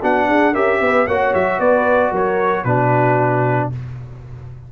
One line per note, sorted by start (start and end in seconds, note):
0.00 0.29 B3
0.00 0.54 D4
0.00 0.26 F#4
0.00 0.54 F#5
0.29 0.55 D4
0.29 0.53 G#4
0.53 0.80 C#4
0.53 1.07 G4
0.53 0.79 A#4
0.53 1.07 E5
0.80 1.07 B3
0.80 1.07 B4
1.07 1.33 A#3
1.07 2.66 F#4
1.07 1.59 C#5
1.07 1.33 F#5
1.34 1.59 F#3
1.34 1.60 E5
1.59 2.12 B3
1.59 2.11 B4
1.59 2.13 D5
2.11 2.64 F#3
2.11 2.64 A#4
2.11 2.64 C#5
2.64 3.70 B2
2.64 3.72 D4
2.64 3.70 F#4
2.64 3.70 B4